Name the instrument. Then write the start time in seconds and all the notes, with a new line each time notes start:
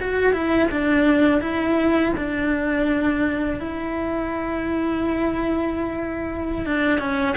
cello
0.00 F#4
0.33 E4
0.71 D4
1.41 E4
2.17 D4
3.60 E4
6.66 D4
6.99 C#4